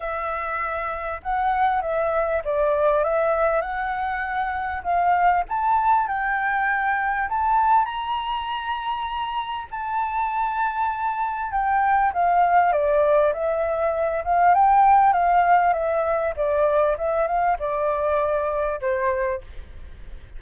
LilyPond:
\new Staff \with { instrumentName = "flute" } { \time 4/4 \tempo 4 = 99 e''2 fis''4 e''4 | d''4 e''4 fis''2 | f''4 a''4 g''2 | a''4 ais''2. |
a''2. g''4 | f''4 d''4 e''4. f''8 | g''4 f''4 e''4 d''4 | e''8 f''8 d''2 c''4 | }